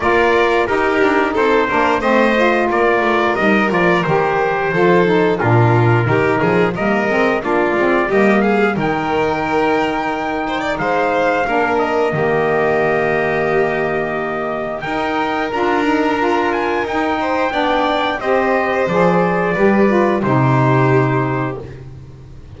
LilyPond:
<<
  \new Staff \with { instrumentName = "trumpet" } { \time 4/4 \tempo 4 = 89 d''4 ais'4 c''4 dis''4 | d''4 dis''8 d''8 c''2 | ais'2 dis''4 d''4 | dis''8 f''8 g''2. |
f''4. dis''2~ dis''8~ | dis''2 g''4 ais''4~ | ais''8 gis''8 g''2 dis''4 | d''2 c''2 | }
  \new Staff \with { instrumentName = "violin" } { \time 4/4 ais'4 g'4 a'8 ais'8 c''4 | ais'2. a'4 | f'4 g'8 gis'8 ais'4 f'4 | g'8 gis'8 ais'2~ ais'8 c''16 d''16 |
c''4 ais'4 g'2~ | g'2 ais'2~ | ais'4. c''8 d''4 c''4~ | c''4 b'4 g'2 | }
  \new Staff \with { instrumentName = "saxophone" } { \time 4/4 f'4 dis'4. d'8 c'8 f'8~ | f'4 dis'8 f'8 g'4 f'8 dis'8 | d'4 dis'4 ais8 c'8 d'8 c'8 | ais4 dis'2.~ |
dis'4 d'4 ais2~ | ais2 dis'4 f'8 dis'8 | f'4 dis'4 d'4 g'4 | gis'4 g'8 f'8 dis'2 | }
  \new Staff \with { instrumentName = "double bass" } { \time 4/4 ais4 dis'8 d'8 c'8 ais8 a4 | ais8 a8 g8 f8 dis4 f4 | ais,4 dis8 f8 g8 gis8 ais8 gis8 | g4 dis2. |
gis4 ais4 dis2~ | dis2 dis'4 d'4~ | d'4 dis'4 b4 c'4 | f4 g4 c2 | }
>>